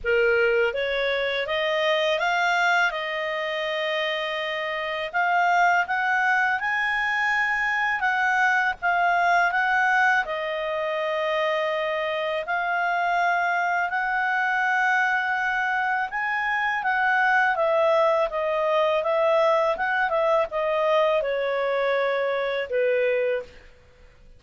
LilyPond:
\new Staff \with { instrumentName = "clarinet" } { \time 4/4 \tempo 4 = 82 ais'4 cis''4 dis''4 f''4 | dis''2. f''4 | fis''4 gis''2 fis''4 | f''4 fis''4 dis''2~ |
dis''4 f''2 fis''4~ | fis''2 gis''4 fis''4 | e''4 dis''4 e''4 fis''8 e''8 | dis''4 cis''2 b'4 | }